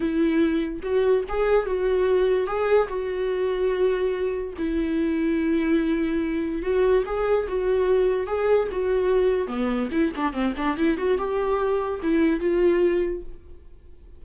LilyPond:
\new Staff \with { instrumentName = "viola" } { \time 4/4 \tempo 4 = 145 e'2 fis'4 gis'4 | fis'2 gis'4 fis'4~ | fis'2. e'4~ | e'1 |
fis'4 gis'4 fis'2 | gis'4 fis'2 b4 | e'8 d'8 c'8 d'8 e'8 fis'8 g'4~ | g'4 e'4 f'2 | }